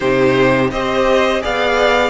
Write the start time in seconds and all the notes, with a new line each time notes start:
0.00 C3 D#4 G4 C5
0.71 C4 G4 C5 D#5
1.41 B3 G#4 D5 F5